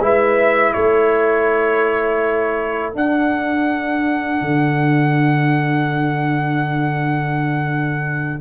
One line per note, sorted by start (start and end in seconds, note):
0.00 0.73 G#3
0.00 2.93 E4
0.00 0.75 B4
0.00 0.74 E5
0.74 2.96 A3
0.74 8.41 A4
0.74 2.93 C#5
2.93 8.41 D4
2.93 4.42 D4
2.93 8.41 F#5
4.42 8.41 D3